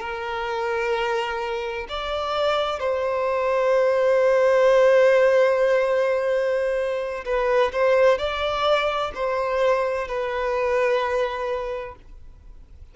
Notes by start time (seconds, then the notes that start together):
0.00 A#4
1.89 D5
2.80 C5
7.25 B4
7.73 C5
8.19 D5
9.15 C5
10.08 B4